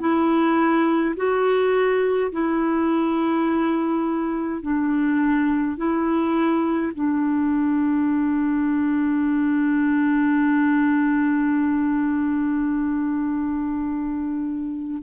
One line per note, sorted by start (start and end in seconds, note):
0.00 1.15 E4
1.16 2.32 F#4
2.32 4.62 E4
4.62 5.77 D4
5.77 6.93 E4
6.95 15.03 D4